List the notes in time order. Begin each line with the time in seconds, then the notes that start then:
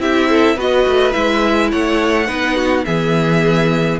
0.00 C4 E4 G4 E5
0.29 A4
0.56 B3 F#4 B4 D#5
0.87 A3
1.12 G#3 E4 E5
1.72 A3 C#5 F#5
2.27 B3 D#4 B4
2.56 F#4
2.85 E3 B3 G#4 E5